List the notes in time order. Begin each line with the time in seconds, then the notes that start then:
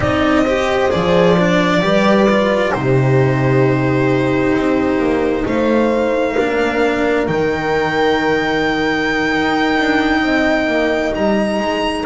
0.00 C4 D#4 D5 D#5
0.45 G4 C5
0.89 F3 G#4 D5
1.38 D4
1.81 G3 G4 B4
2.29 F4
2.72 C3 D#4 G4 C5
4.55 C4
4.98 A#3
5.45 A3 C5 F5
6.34 A#3 D4 A#4
7.27 D#3 D#4 G5
9.31 D#4
9.78 D4
10.22 C4 D#5
10.66 A#3
11.14 G3 A#5
11.59 G#3